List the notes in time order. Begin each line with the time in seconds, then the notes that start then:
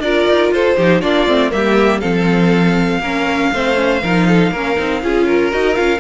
0.00 D4 F4 A#4 D5
0.29 D#4
0.52 F4 A4 C5
0.77 F3 D#4 G4
1.01 A#3 D4 F4 D5
1.27 A3 C4
1.50 G3 A#3 G4 E5
2.01 F3 C4 A4 F5
3.00 A#3 C#4 A#4
3.53 A3 C4 C5
3.75 C#4
4.02 F3 D#4 A#4
4.28 A4
4.51 A#3 C#4 A#4
4.77 C4 D#4
5.03 C#4 F4 G#4
5.27 A#4
5.51 D#4 F#4 D#5
5.74 C#4 F4 F5